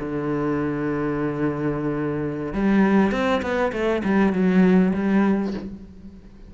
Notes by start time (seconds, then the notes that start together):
0.00 D3
2.54 G3
3.12 C4
3.43 B3
3.73 A3
4.04 G3
4.33 F#3
4.94 G3